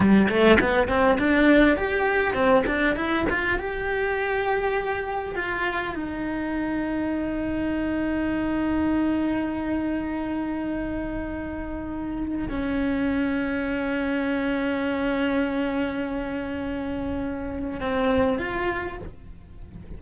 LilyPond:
\new Staff \with { instrumentName = "cello" } { \time 4/4 \tempo 4 = 101 g8 a8 b8 c'8 d'4 g'4 | c'8 d'8 e'8 f'8 g'2~ | g'4 f'4 dis'2~ | dis'1~ |
dis'1~ | dis'4 cis'2.~ | cis'1~ | cis'2 c'4 f'4 | }